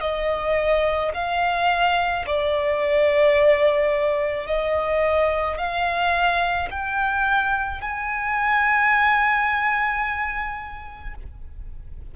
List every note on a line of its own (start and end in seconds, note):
0.00 1.11 D#5
1.14 2.25 F5
2.26 4.46 D5
4.46 5.57 D#5
5.57 6.68 F5
6.70 7.81 G5
7.81 11.14 G#5